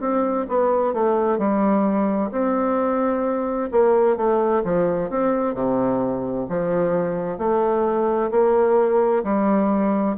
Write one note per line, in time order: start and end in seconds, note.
0.00 0.46 C4
0.49 0.94 B3
0.94 1.38 A3
1.38 2.30 G3
2.32 3.70 C4
3.71 4.17 A#3
4.17 4.63 A3
4.64 5.10 F3
5.10 5.54 C4
5.54 6.47 C3
6.49 7.38 F3
7.38 8.31 A3
8.31 9.23 A#3
9.24 10.16 G3